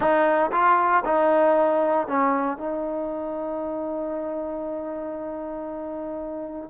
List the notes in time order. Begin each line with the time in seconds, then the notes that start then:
0.00 D#4
0.51 F4
1.04 D#4
2.07 C#4
2.57 D#4